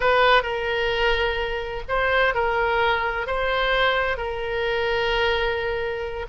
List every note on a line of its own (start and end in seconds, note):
0.00 0.42 B4
0.42 1.82 A#4
1.88 2.34 C5
2.34 3.27 A#4
3.27 4.17 C5
4.17 6.26 A#4